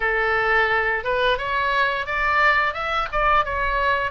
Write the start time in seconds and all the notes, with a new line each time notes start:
0.00 A4
1.03 B4
1.38 C#5
2.06 D5
2.73 E5
3.12 D5
3.44 C#5